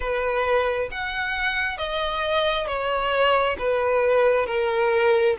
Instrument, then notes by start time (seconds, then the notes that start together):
violin
0.00 B4
0.91 F#5
1.77 D#5
2.67 C#5
3.58 B4
4.46 A#4